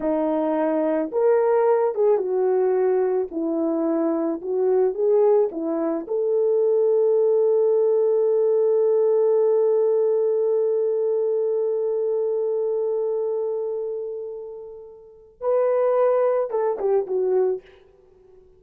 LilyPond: \new Staff \with { instrumentName = "horn" } { \time 4/4 \tempo 4 = 109 dis'2 ais'4. gis'8 | fis'2 e'2 | fis'4 gis'4 e'4 a'4~ | a'1~ |
a'1~ | a'1~ | a'1 | b'2 a'8 g'8 fis'4 | }